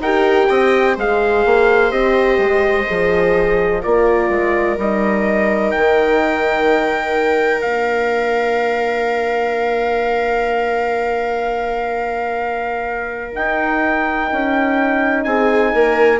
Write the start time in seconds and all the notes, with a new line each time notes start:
0.00 D#4 G4 A#4 G5
0.49 C4 D#5
0.95 G#3 G#4 C5 F5
1.45 A#3
1.89 C4 G4 D#5
2.38 G#3
2.87 F3 G#4
3.82 A#3 F4 A#4 D5
4.29 G#3
4.77 G3 D#4 D#5
5.71 D#3 G5
7.60 A#3 D4 F5
13.33 D#4 G5
14.32 C#4
15.24 C4 G#4 G#5
15.74 A#3 A#4